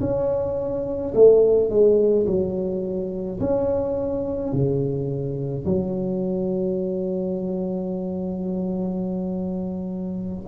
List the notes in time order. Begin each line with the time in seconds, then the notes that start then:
0.00 C#4
1.14 A3
1.70 G#3
2.26 F#3
3.40 C#4
4.53 C#3
5.65 F#3